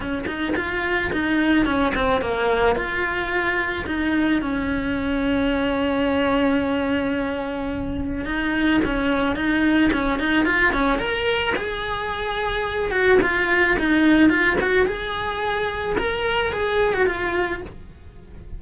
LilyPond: \new Staff \with { instrumentName = "cello" } { \time 4/4 \tempo 4 = 109 cis'8 dis'8 f'4 dis'4 cis'8 c'8 | ais4 f'2 dis'4 | cis'1~ | cis'2. dis'4 |
cis'4 dis'4 cis'8 dis'8 f'8 cis'8 | ais'4 gis'2~ gis'8 fis'8 | f'4 dis'4 f'8 fis'8 gis'4~ | gis'4 ais'4 gis'8. fis'16 f'4 | }